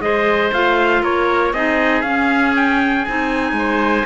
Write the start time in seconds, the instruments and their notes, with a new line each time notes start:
0.00 cello G#3, clarinet G#4, oboe C5, trumpet D#5
0.53 cello A3, clarinet F4, trumpet F5
1.02 cello A#3, oboe A#4, trumpet C#5
1.53 cello C4, clarinet D#4, oboe G#4, trumpet D#5
2.01 cello C#4, clarinet C#4, trumpet F5
2.55 trumpet G5
3.05 cello C4, clarinet D#4, trumpet G#5
3.52 cello G#3, oboe C5